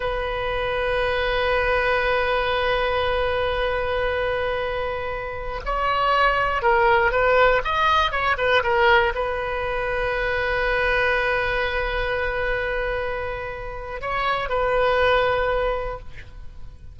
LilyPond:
\new Staff \with { instrumentName = "oboe" } { \time 4/4 \tempo 4 = 120 b'1~ | b'1~ | b'2.~ b'16 cis''8.~ | cis''4~ cis''16 ais'4 b'4 dis''8.~ |
dis''16 cis''8 b'8 ais'4 b'4.~ b'16~ | b'1~ | b'1 | cis''4 b'2. | }